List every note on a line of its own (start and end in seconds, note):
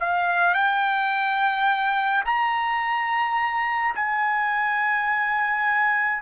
0.00 0.55 F5
0.55 2.24 G5
2.25 3.95 A#5
3.96 6.22 G#5